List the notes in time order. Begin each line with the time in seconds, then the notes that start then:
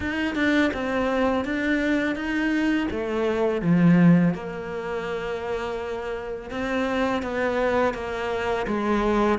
0.00 D#4
0.35 D4
0.73 C4
1.44 D4
2.15 D#4
2.90 A3
3.61 F3
4.34 A#3
6.50 C4
7.22 B3
7.94 A#3
8.66 G#3